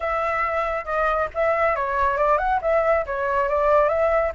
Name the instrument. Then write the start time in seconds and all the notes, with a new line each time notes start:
flute
0.00 E5
0.84 D#5
1.34 E5
1.75 C#5
2.17 D5
2.38 F#5
2.61 E5
3.06 C#5
3.48 D5
3.88 E5